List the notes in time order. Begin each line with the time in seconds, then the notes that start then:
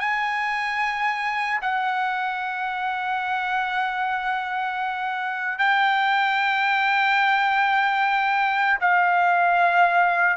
0.00 G#5
1.62 F#5
5.59 G5
8.81 F5